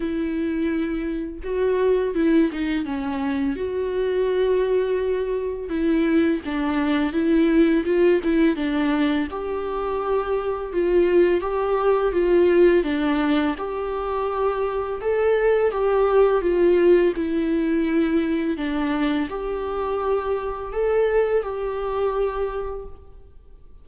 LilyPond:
\new Staff \with { instrumentName = "viola" } { \time 4/4 \tempo 4 = 84 e'2 fis'4 e'8 dis'8 | cis'4 fis'2. | e'4 d'4 e'4 f'8 e'8 | d'4 g'2 f'4 |
g'4 f'4 d'4 g'4~ | g'4 a'4 g'4 f'4 | e'2 d'4 g'4~ | g'4 a'4 g'2 | }